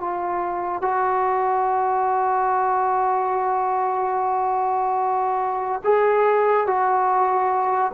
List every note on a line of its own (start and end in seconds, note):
0.00 0.82 F4
0.82 5.82 F#4
5.84 6.67 G#4
6.67 7.92 F#4